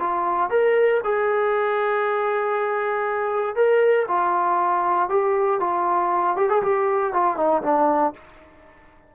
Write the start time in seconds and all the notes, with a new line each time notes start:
0.00 F4
0.50 A#4
1.04 G#4
3.56 A#4
4.08 F4
5.10 G4
5.60 F4
6.37 G4
6.49 G#4
6.63 G4
7.13 F4
7.37 D#4
7.63 D4